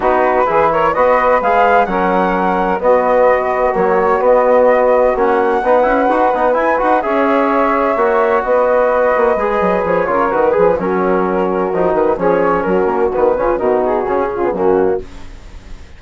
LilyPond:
<<
  \new Staff \with { instrumentName = "flute" } { \time 4/4 \tempo 4 = 128 b'4. cis''8 dis''4 f''4 | fis''2 dis''2 | cis''4 dis''2 fis''4~ | fis''2 gis''8 fis''8 e''4~ |
e''2 dis''2~ | dis''4 cis''4 b'4 ais'4~ | ais'4. b'8 cis''4 ais'4 | b'4 ais'8 gis'4. fis'4 | }
  \new Staff \with { instrumentName = "saxophone" } { \time 4/4 fis'4 gis'8 ais'8 b'2 | ais'2 fis'2~ | fis'1 | b'2. cis''4~ |
cis''2 b'2~ | b'4. ais'4 gis'8 fis'4~ | fis'2 gis'4 fis'4~ | fis'8 f'8 fis'4. f'8 cis'4 | }
  \new Staff \with { instrumentName = "trombone" } { \time 4/4 dis'4 e'4 fis'4 gis'4 | cis'2 b2 | fis4 b2 cis'4 | dis'8 e'8 fis'8 dis'8 e'8 fis'8 gis'4~ |
gis'4 fis'2. | gis'4. f'8 fis'8 gis'8 cis'4~ | cis'4 dis'4 cis'2 | b8 cis'8 dis'4 cis'8. b16 ais4 | }
  \new Staff \with { instrumentName = "bassoon" } { \time 4/4 b4 e4 b4 gis4 | fis2 b2 | ais4 b2 ais4 | b8 cis'8 dis'8 b8 e'8 dis'8 cis'4~ |
cis'4 ais4 b4. ais8 | gis8 fis8 f8 cis8 dis8 f8 fis4~ | fis4 f8 dis8 f4 fis8 ais8 | dis8 cis8 b,4 cis4 fis,4 | }
>>